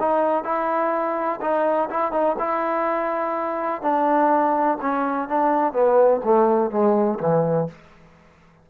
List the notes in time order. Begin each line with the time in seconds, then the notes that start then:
0.00 D#4
0.45 E4
1.42 D#4
1.90 E4
2.13 D#4
2.39 E4
3.82 D4
4.82 C#4
5.29 D4
5.73 B3
6.24 A3
6.71 G#3
7.20 E3